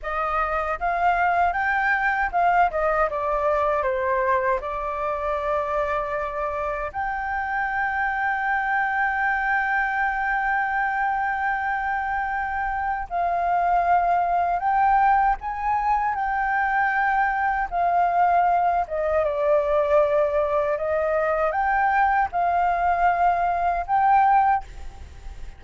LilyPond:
\new Staff \with { instrumentName = "flute" } { \time 4/4 \tempo 4 = 78 dis''4 f''4 g''4 f''8 dis''8 | d''4 c''4 d''2~ | d''4 g''2.~ | g''1~ |
g''4 f''2 g''4 | gis''4 g''2 f''4~ | f''8 dis''8 d''2 dis''4 | g''4 f''2 g''4 | }